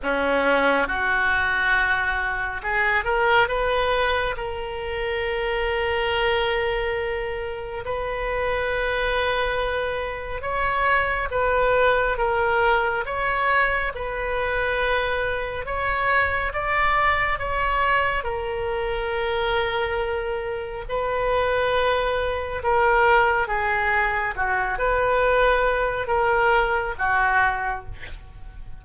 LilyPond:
\new Staff \with { instrumentName = "oboe" } { \time 4/4 \tempo 4 = 69 cis'4 fis'2 gis'8 ais'8 | b'4 ais'2.~ | ais'4 b'2. | cis''4 b'4 ais'4 cis''4 |
b'2 cis''4 d''4 | cis''4 ais'2. | b'2 ais'4 gis'4 | fis'8 b'4. ais'4 fis'4 | }